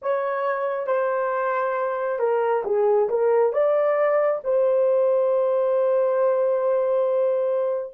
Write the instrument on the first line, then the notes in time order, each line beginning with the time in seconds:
horn
0.02 C#5
0.87 C5
2.19 A#4
2.64 G#4
3.09 A#4
3.53 D5
4.44 C5